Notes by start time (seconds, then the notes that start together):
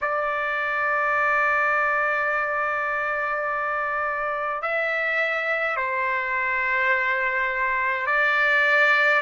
0.01 D5
4.62 E5
5.76 C5
8.06 D5